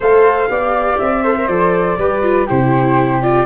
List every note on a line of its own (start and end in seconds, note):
0.00 0.49 A3
0.00 0.50 A4
0.00 0.49 C5
0.00 0.98 F5
0.49 0.99 B3
0.49 1.23 G4
0.49 1.23 D5
0.98 1.48 C4
0.98 1.47 E5
1.23 1.35 A4
1.23 1.97 C5
1.37 1.48 A#4
1.47 1.97 F3
1.47 1.98 A4
1.47 2.46 D5
1.98 2.47 G3
1.98 2.22 G4
1.98 2.46 B4
2.22 2.47 F4
2.46 3.46 C3
2.46 3.22 E4
2.46 3.45 G4
2.46 3.22 C5
3.22 3.46 F4
3.22 3.46 D5